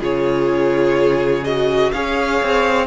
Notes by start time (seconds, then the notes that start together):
0.00 C#3 F4 G#4 C#5
1.45 F#4 D#5
1.92 C#4 G#4 C#5 F5
2.43 C4